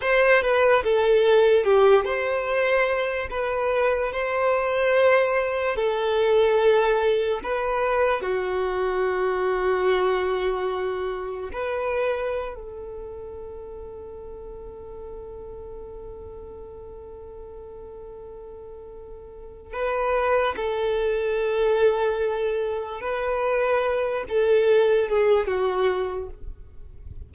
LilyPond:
\new Staff \with { instrumentName = "violin" } { \time 4/4 \tempo 4 = 73 c''8 b'8 a'4 g'8 c''4. | b'4 c''2 a'4~ | a'4 b'4 fis'2~ | fis'2 b'4~ b'16 a'8.~ |
a'1~ | a'1 | b'4 a'2. | b'4. a'4 gis'8 fis'4 | }